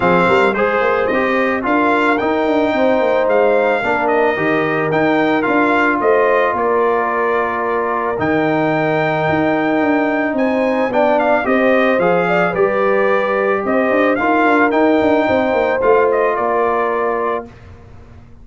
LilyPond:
<<
  \new Staff \with { instrumentName = "trumpet" } { \time 4/4 \tempo 4 = 110 f''4 c''4 dis''4 f''4 | g''2 f''4. dis''8~ | dis''4 g''4 f''4 dis''4 | d''2. g''4~ |
g''2. gis''4 | g''8 f''8 dis''4 f''4 d''4~ | d''4 dis''4 f''4 g''4~ | g''4 f''8 dis''8 d''2 | }
  \new Staff \with { instrumentName = "horn" } { \time 4/4 gis'8 ais'8 c''2 ais'4~ | ais'4 c''2 ais'4~ | ais'2. c''4 | ais'1~ |
ais'2. c''4 | d''4 c''4. d''8 b'4~ | b'4 c''4 ais'2 | c''2 ais'2 | }
  \new Staff \with { instrumentName = "trombone" } { \time 4/4 c'4 gis'4 g'4 f'4 | dis'2. d'4 | g'4 dis'4 f'2~ | f'2. dis'4~ |
dis'1 | d'4 g'4 gis'4 g'4~ | g'2 f'4 dis'4~ | dis'4 f'2. | }
  \new Staff \with { instrumentName = "tuba" } { \time 4/4 f8 g8 gis8 ais8 c'4 d'4 | dis'8 d'8 c'8 ais8 gis4 ais4 | dis4 dis'4 d'4 a4 | ais2. dis4~ |
dis4 dis'4 d'4 c'4 | b4 c'4 f4 g4~ | g4 c'8 d'8 dis'8 d'8 dis'8 d'8 | c'8 ais8 a4 ais2 | }
>>